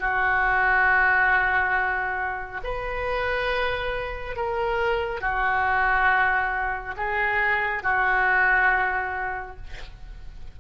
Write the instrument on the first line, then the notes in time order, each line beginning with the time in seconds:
oboe
0.00 F#4
2.64 B4
4.36 A#4
5.21 F#4
6.97 G#4
7.83 F#4